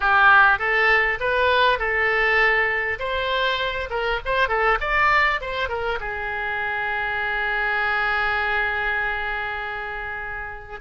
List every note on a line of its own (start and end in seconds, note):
0.00 0.58 G4
0.58 1.18 A4
1.20 1.78 B4
1.78 2.98 A4
2.99 3.89 C5
3.90 4.20 A#4
4.25 4.48 C5
4.48 4.78 A4
4.80 5.40 D5
5.40 5.68 C5
5.68 5.98 A#4
5.99 10.79 G#4